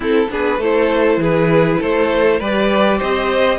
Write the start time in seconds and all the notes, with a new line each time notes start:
0.00 C4 E4 A4
0.29 B3 D4 G#4 B4
0.57 A3 E4 A4 C5
1.17 E3 G#4 B4
1.79 A3 A4 C5
2.39 G3 G4 B4 D5
2.98 C4 C5 D#5